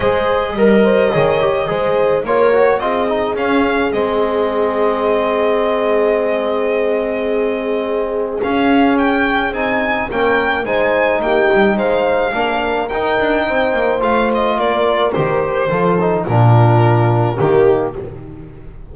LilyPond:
<<
  \new Staff \with { instrumentName = "violin" } { \time 4/4 \tempo 4 = 107 dis''1 | cis''4 dis''4 f''4 dis''4~ | dis''1~ | dis''2. f''4 |
g''4 gis''4 g''4 gis''4 | g''4 f''2 g''4~ | g''4 f''8 dis''8 d''4 c''4~ | c''4 ais'2 g'4 | }
  \new Staff \with { instrumentName = "horn" } { \time 4/4 c''4 ais'8 c''8 cis''4 c''4 | ais'4 gis'2.~ | gis'1~ | gis'1~ |
gis'2 ais'4 c''4 | g'4 c''4 ais'2 | c''2 ais'2 | a'4 f'2 dis'4 | }
  \new Staff \with { instrumentName = "trombone" } { \time 4/4 gis'4 ais'4 gis'8 g'8 gis'4 | f'8 fis'8 f'8 dis'8 cis'4 c'4~ | c'1~ | c'2. cis'4~ |
cis'4 dis'4 cis'4 dis'4~ | dis'2 d'4 dis'4~ | dis'4 f'2 g'4 | f'8 dis'8 d'2 ais4 | }
  \new Staff \with { instrumentName = "double bass" } { \time 4/4 gis4 g4 dis4 gis4 | ais4 c'4 cis'4 gis4~ | gis1~ | gis2. cis'4~ |
cis'4 c'4 ais4 gis4 | ais8 g8 gis4 ais4 dis'8 d'8 | c'8 ais8 a4 ais4 dis4 | f4 ais,2 dis4 | }
>>